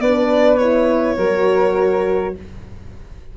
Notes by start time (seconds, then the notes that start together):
0.00 B3 D4 B4 D5
0.58 E4 C#5
1.17 F#3 F#4 A#4